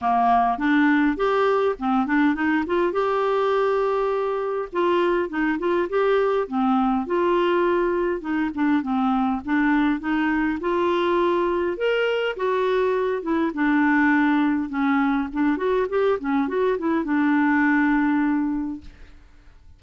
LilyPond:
\new Staff \with { instrumentName = "clarinet" } { \time 4/4 \tempo 4 = 102 ais4 d'4 g'4 c'8 d'8 | dis'8 f'8 g'2. | f'4 dis'8 f'8 g'4 c'4 | f'2 dis'8 d'8 c'4 |
d'4 dis'4 f'2 | ais'4 fis'4. e'8 d'4~ | d'4 cis'4 d'8 fis'8 g'8 cis'8 | fis'8 e'8 d'2. | }